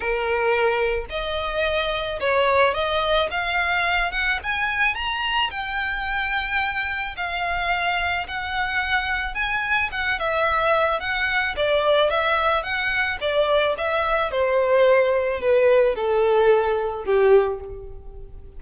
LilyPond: \new Staff \with { instrumentName = "violin" } { \time 4/4 \tempo 4 = 109 ais'2 dis''2 | cis''4 dis''4 f''4. fis''8 | gis''4 ais''4 g''2~ | g''4 f''2 fis''4~ |
fis''4 gis''4 fis''8 e''4. | fis''4 d''4 e''4 fis''4 | d''4 e''4 c''2 | b'4 a'2 g'4 | }